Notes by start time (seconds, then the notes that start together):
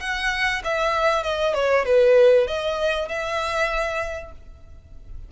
0.00 F#5
0.64 E5
1.23 D#5
1.54 C#5
1.86 B4
2.47 D#5
3.08 E5